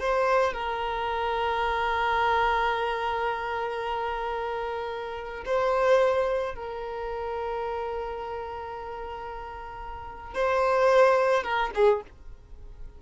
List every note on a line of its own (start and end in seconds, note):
0.00 0.53 C5
0.53 5.44 A#4
5.46 6.55 C5
6.55 10.35 A#4
10.35 11.43 C5
11.43 11.70 A#4
11.75 12.02 G#4